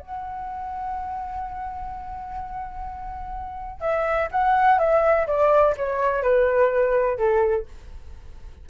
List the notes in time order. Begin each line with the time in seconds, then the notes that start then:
0.00 F#5
3.81 E5
4.32 F#5
4.79 E5
5.27 D5
5.77 C#5
6.23 B4
7.18 A4